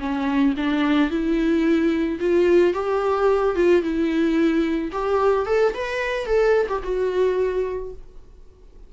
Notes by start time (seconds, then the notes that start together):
0.00 C#4
0.57 D4
1.11 E4
2.20 F4
2.74 G4
3.56 F4
3.82 E4
4.92 G4
5.46 A4
5.74 B4
6.26 A4
6.69 G4
6.84 F#4